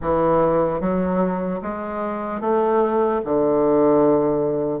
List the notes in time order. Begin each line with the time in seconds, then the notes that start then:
0.01 E3
0.80 F#3
1.62 G#3
2.40 A3
3.24 D3